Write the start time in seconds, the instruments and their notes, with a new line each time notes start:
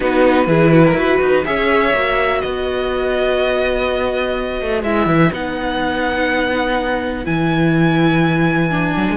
0.00 cello B3, viola D#4, violin F#4 B4
0.46 cello E3, viola E4, violin G#4
0.71 violin F#4
0.85 violin A#4
0.93 cello E4, viola F#4, violin B4
1.21 cello D#4
1.45 cello C#4, viola G#4, violin C#5 E5
1.93 cello A#3, viola F#4
2.40 cello B3, violin B4 D#5
4.61 cello A3
4.82 cello G#3, viola E4, violin E5
5.06 cello E3
5.32 cello B3, viola D#4, violin F#5
7.24 cello E3, viola E4, violin G#5
8.70 viola D4
8.96 cello F#3
9.10 cello G#3